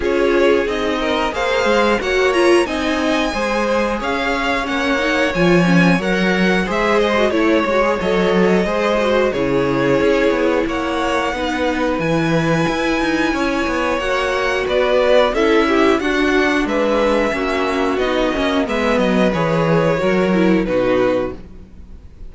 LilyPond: <<
  \new Staff \with { instrumentName = "violin" } { \time 4/4 \tempo 4 = 90 cis''4 dis''4 f''4 fis''8 ais''8 | gis''2 f''4 fis''4 | gis''4 fis''4 e''8 dis''8 cis''4 | dis''2 cis''2 |
fis''2 gis''2~ | gis''4 fis''4 d''4 e''4 | fis''4 e''2 dis''4 | e''8 dis''8 cis''2 b'4 | }
  \new Staff \with { instrumentName = "violin" } { \time 4/4 gis'4. ais'8 c''4 cis''4 | dis''4 c''4 cis''2~ | cis''2 c''4 cis''4~ | cis''4 c''4 gis'2 |
cis''4 b'2. | cis''2 b'4 a'8 g'8 | fis'4 b'4 fis'2 | b'2 ais'4 fis'4 | }
  \new Staff \with { instrumentName = "viola" } { \time 4/4 f'4 dis'4 gis'4 fis'8 f'8 | dis'4 gis'2 cis'8 dis'8 | f'8 cis'8 ais'4 gis'8. fis'16 e'8 fis'16 gis'16 | a'4 gis'8 fis'8 e'2~ |
e'4 dis'4 e'2~ | e'4 fis'2 e'4 | d'2 cis'4 dis'8 cis'8 | b4 gis'4 fis'8 e'8 dis'4 | }
  \new Staff \with { instrumentName = "cello" } { \time 4/4 cis'4 c'4 ais8 gis8 ais4 | c'4 gis4 cis'4 ais4 | f4 fis4 gis4 a8 gis8 | fis4 gis4 cis4 cis'8 b8 |
ais4 b4 e4 e'8 dis'8 | cis'8 b8 ais4 b4 cis'4 | d'4 gis4 ais4 b8 ais8 | gis8 fis8 e4 fis4 b,4 | }
>>